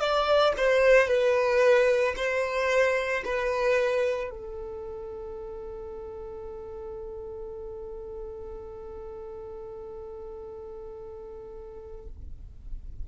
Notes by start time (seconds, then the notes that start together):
0.00 D5
0.57 C5
1.08 B4
2.17 C5
3.25 B4
4.31 A4